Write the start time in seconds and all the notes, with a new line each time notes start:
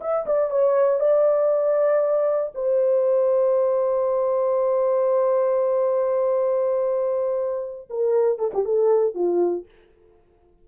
0.00 E5
0.26 D5
0.50 C#5
0.99 D5
2.54 C5
7.89 A#4
8.38 A4
8.53 G4
8.65 A4
9.14 F4